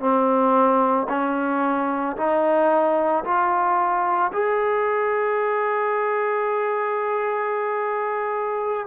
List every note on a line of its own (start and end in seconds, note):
0.00 1.07 C4
1.10 2.17 C#4
2.17 3.24 D#4
3.24 4.31 F4
4.33 8.87 G#4